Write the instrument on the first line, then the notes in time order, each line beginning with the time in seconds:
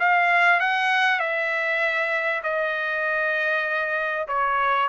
trumpet
0.00 F5
0.60 F#5
1.20 E5
2.44 D#5
4.28 C#5